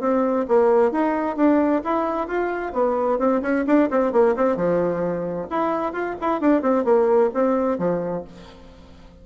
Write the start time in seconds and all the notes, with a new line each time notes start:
0.00 C4
0.48 A#3
0.91 D#4
1.36 D4
1.84 E4
2.28 F4
2.73 B3
3.19 C4
3.42 C#4
3.67 D4
3.90 C4
4.12 A#3
4.36 C4
4.56 F3
5.50 E4
5.93 F4
6.21 E4
6.41 D4
6.62 C4
6.84 A#3
7.34 C4
7.78 F3